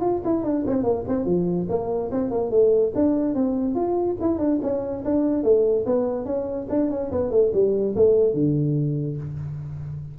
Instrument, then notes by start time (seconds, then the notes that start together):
tuba
0.00 F4
0.24 E4
0.43 D4
0.66 C4
0.83 A#3
1.07 C4
1.25 F3
1.69 A#3
2.11 C4
2.30 A#3
2.50 A3
2.95 D4
3.34 C4
3.75 F4
4.20 E4
4.38 D4
4.62 C#4
5.04 D4
5.43 A3
5.85 B3
6.25 C#4
6.69 D4
6.90 C#4
7.11 B3
7.30 A3
7.53 G3
7.95 A3
8.33 D3